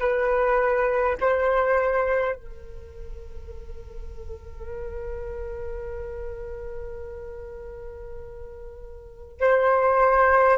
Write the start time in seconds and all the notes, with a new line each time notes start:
0.00 B4
1.21 C5
2.36 A#4
9.41 C5